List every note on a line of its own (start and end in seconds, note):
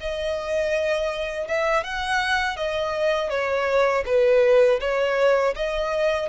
0.00 1.48 D#5
1.48 1.84 E5
1.84 2.57 F#5
2.57 3.30 D#5
3.30 4.04 C#5
4.06 4.80 B4
4.80 5.54 C#5
5.56 6.29 D#5